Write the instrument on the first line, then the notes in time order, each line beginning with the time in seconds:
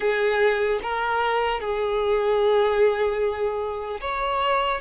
violin
0.00 G#4
0.82 A#4
1.60 G#4
4.00 C#5